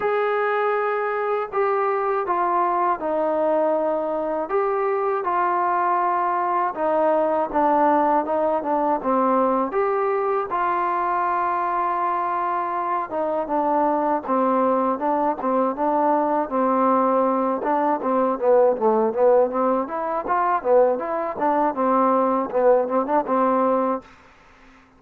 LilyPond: \new Staff \with { instrumentName = "trombone" } { \time 4/4 \tempo 4 = 80 gis'2 g'4 f'4 | dis'2 g'4 f'4~ | f'4 dis'4 d'4 dis'8 d'8 | c'4 g'4 f'2~ |
f'4. dis'8 d'4 c'4 | d'8 c'8 d'4 c'4. d'8 | c'8 b8 a8 b8 c'8 e'8 f'8 b8 | e'8 d'8 c'4 b8 c'16 d'16 c'4 | }